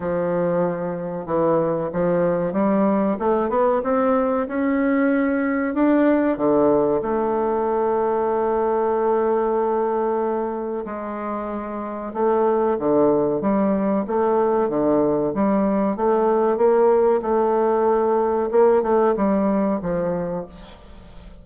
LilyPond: \new Staff \with { instrumentName = "bassoon" } { \time 4/4 \tempo 4 = 94 f2 e4 f4 | g4 a8 b8 c'4 cis'4~ | cis'4 d'4 d4 a4~ | a1~ |
a4 gis2 a4 | d4 g4 a4 d4 | g4 a4 ais4 a4~ | a4 ais8 a8 g4 f4 | }